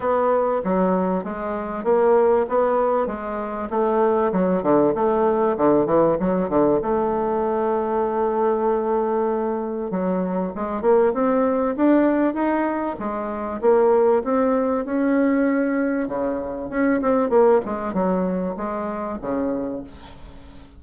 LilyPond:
\new Staff \with { instrumentName = "bassoon" } { \time 4/4 \tempo 4 = 97 b4 fis4 gis4 ais4 | b4 gis4 a4 fis8 d8 | a4 d8 e8 fis8 d8 a4~ | a1 |
fis4 gis8 ais8 c'4 d'4 | dis'4 gis4 ais4 c'4 | cis'2 cis4 cis'8 c'8 | ais8 gis8 fis4 gis4 cis4 | }